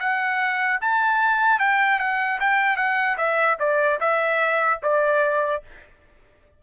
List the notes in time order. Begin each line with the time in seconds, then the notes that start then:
0.00 F#5
0.81 A5
1.60 G5
2.00 F#5
2.40 G5
2.77 F#5
3.17 E5
3.60 D5
4.00 E5
4.83 D5